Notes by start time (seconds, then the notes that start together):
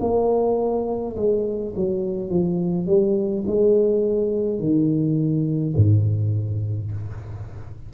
0.00 A#3
1.16 G#3
1.75 F#3
2.30 F3
2.86 G3
3.47 G#3
4.59 D#3
5.76 G#2